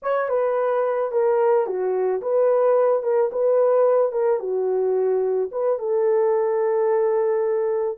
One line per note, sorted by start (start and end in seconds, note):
0.02 0.29 C#5
0.29 1.11 B4
1.11 1.66 A#4
1.66 2.21 F#4
2.21 3.02 B4
3.02 3.30 A#4
3.32 4.12 B4
4.12 4.39 A#4
4.39 5.49 F#4
5.51 5.78 B4
5.78 7.98 A4